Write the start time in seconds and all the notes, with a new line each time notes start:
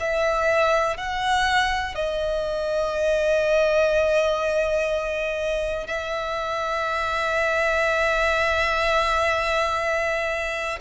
0.00 E5
0.97 F#5
1.95 D#5
5.87 E5